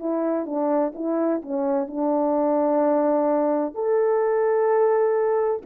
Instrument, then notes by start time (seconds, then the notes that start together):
horn
0.00 E4
0.46 D4
0.95 E4
1.42 C#4
1.87 D4
3.75 A4